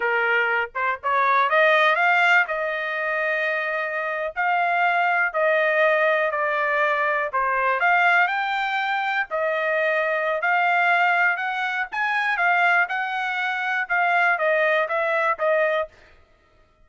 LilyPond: \new Staff \with { instrumentName = "trumpet" } { \time 4/4 \tempo 4 = 121 ais'4. c''8 cis''4 dis''4 | f''4 dis''2.~ | dis''8. f''2 dis''4~ dis''16~ | dis''8. d''2 c''4 f''16~ |
f''8. g''2 dis''4~ dis''16~ | dis''4 f''2 fis''4 | gis''4 f''4 fis''2 | f''4 dis''4 e''4 dis''4 | }